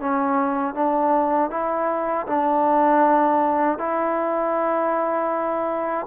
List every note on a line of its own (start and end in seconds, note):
0.00 0.74 C#4
0.74 1.50 D4
1.51 2.26 E4
2.27 3.79 D4
3.79 6.07 E4